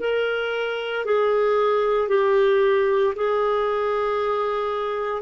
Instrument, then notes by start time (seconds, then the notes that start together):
clarinet
0.00 A#4
1.05 G#4
2.09 G4
3.16 G#4